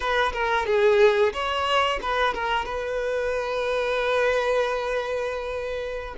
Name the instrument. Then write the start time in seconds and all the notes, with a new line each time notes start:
violin
0.00 B4
0.32 A#4
0.65 G#4
1.33 C#5
2.02 B4
2.34 A#4
2.65 B4